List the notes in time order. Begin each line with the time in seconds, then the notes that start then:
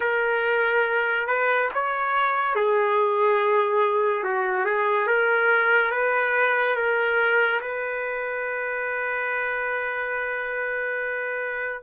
0.00 A#4
1.27 B4
1.74 C#5
2.55 G#4
4.23 F#4
4.65 G#4
5.07 A#4
5.91 B4
6.75 A#4
7.61 B4